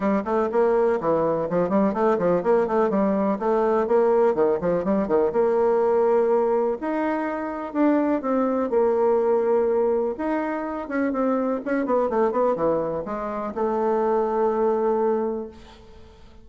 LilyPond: \new Staff \with { instrumentName = "bassoon" } { \time 4/4 \tempo 4 = 124 g8 a8 ais4 e4 f8 g8 | a8 f8 ais8 a8 g4 a4 | ais4 dis8 f8 g8 dis8 ais4~ | ais2 dis'2 |
d'4 c'4 ais2~ | ais4 dis'4. cis'8 c'4 | cis'8 b8 a8 b8 e4 gis4 | a1 | }